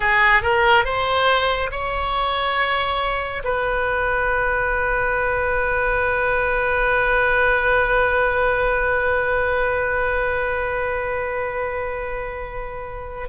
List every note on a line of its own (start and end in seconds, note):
0.00 0.42 G#4
0.42 0.84 A#4
0.84 1.70 C5
1.71 3.42 C#5
3.44 13.29 B4